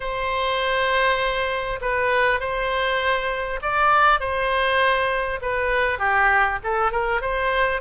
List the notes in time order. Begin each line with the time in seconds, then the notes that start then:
0.00 C5
1.81 B4
2.39 C5
3.62 D5
4.20 C5
5.41 B4
5.98 G4
6.63 A4
6.91 A#4
7.21 C5